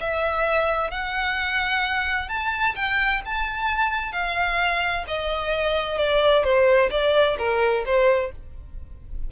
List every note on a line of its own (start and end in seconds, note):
0.00 0.90 E5
0.90 2.28 F#5
2.28 2.75 A5
2.75 3.21 G5
3.25 4.12 A5
4.12 5.04 F5
5.07 5.97 D#5
5.97 6.43 D5
6.43 6.90 C5
6.90 7.36 D5
7.38 7.84 A#4
7.85 8.31 C5